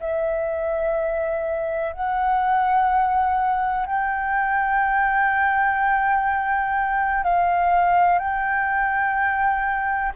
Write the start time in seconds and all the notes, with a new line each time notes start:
0.00 E5
1.93 F#5
3.86 G5
7.24 F5
8.19 G5